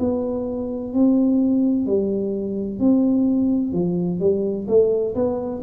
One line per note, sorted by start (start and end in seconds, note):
0.00 0.94 B3
0.94 1.87 C4
1.87 2.80 G3
2.80 3.73 C4
3.73 4.20 F3
4.20 4.67 G3
4.68 5.15 A3
5.16 5.62 B3